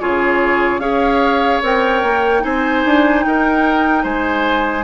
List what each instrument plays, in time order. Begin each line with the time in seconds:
0.00 bassoon C#3, clarinet F4, oboe G#4, flute C#5
0.79 bassoon C#4, clarinet G#4, oboe C#5, flute F5
1.63 bassoon C4, clarinet A#4, flute G5
2.03 bassoon A#3
2.41 bassoon C4, clarinet D#4, oboe C5, flute G#5
2.85 bassoon D4
3.23 bassoon D#4, oboe A#4, flute G5
4.03 bassoon G#3, oboe C5, flute G#5